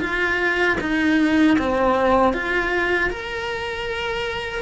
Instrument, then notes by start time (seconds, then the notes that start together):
cello
0.00 F4
0.80 D#4
1.58 C4
2.33 F4
3.10 A#4